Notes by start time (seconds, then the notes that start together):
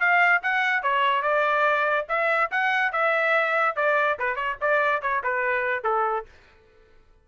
0.00 F5
0.43 F#5
0.83 C#5
1.23 D5
2.09 E5
2.52 F#5
2.93 E5
3.76 D5
4.19 B4
4.36 C#5
4.61 D5
5.02 C#5
5.24 B4
5.84 A4